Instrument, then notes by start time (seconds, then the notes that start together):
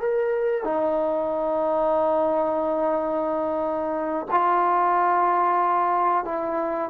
trombone
0.00 A#4
0.64 D#4
4.31 F4
6.25 E4